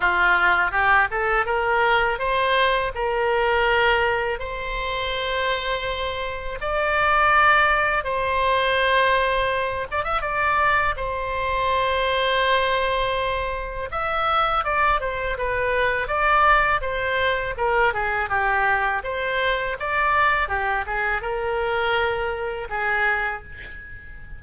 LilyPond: \new Staff \with { instrumentName = "oboe" } { \time 4/4 \tempo 4 = 82 f'4 g'8 a'8 ais'4 c''4 | ais'2 c''2~ | c''4 d''2 c''4~ | c''4. d''16 e''16 d''4 c''4~ |
c''2. e''4 | d''8 c''8 b'4 d''4 c''4 | ais'8 gis'8 g'4 c''4 d''4 | g'8 gis'8 ais'2 gis'4 | }